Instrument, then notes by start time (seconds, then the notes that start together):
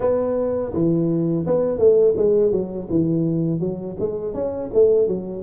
tuba
0.00 B3
0.73 E3
1.46 B3
1.78 A3
2.17 G#3
2.51 F#3
2.89 E3
3.59 F#3
3.99 G#3
4.33 C#4
4.73 A3
5.07 F#3